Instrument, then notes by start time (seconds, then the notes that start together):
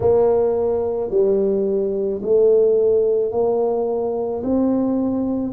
tuba
0.00 A#3
1.10 G3
2.22 A3
3.31 A#3
4.43 C4